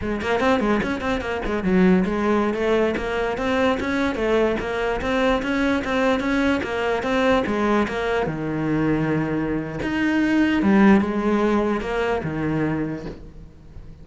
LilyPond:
\new Staff \with { instrumentName = "cello" } { \time 4/4 \tempo 4 = 147 gis8 ais8 c'8 gis8 cis'8 c'8 ais8 gis8 | fis4 gis4~ gis16 a4 ais8.~ | ais16 c'4 cis'4 a4 ais8.~ | ais16 c'4 cis'4 c'4 cis'8.~ |
cis'16 ais4 c'4 gis4 ais8.~ | ais16 dis2.~ dis8. | dis'2 g4 gis4~ | gis4 ais4 dis2 | }